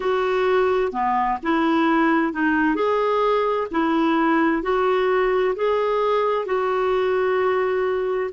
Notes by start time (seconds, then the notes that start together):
0.00 F#4
0.92 B3
1.42 E4
2.32 D#4
2.75 G#4
3.71 E4
4.62 F#4
5.55 G#4
6.45 F#4